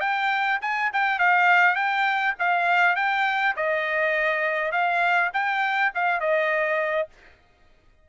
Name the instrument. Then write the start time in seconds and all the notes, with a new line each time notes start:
trumpet
0.00 G5
0.61 G#5
0.93 G5
1.19 F5
1.75 G5
2.39 F5
2.96 G5
3.56 D#5
4.72 F5
5.33 G5
5.94 F5
6.20 D#5